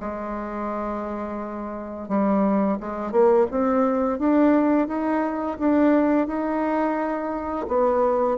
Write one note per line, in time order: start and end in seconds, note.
0.00 2.08 G#3
2.08 2.78 G3
2.80 3.11 G#3
3.11 3.46 A#3
3.51 4.18 C4
4.18 4.87 D4
4.87 5.57 D#4
5.59 6.27 D4
6.27 7.66 D#4
7.68 8.37 B3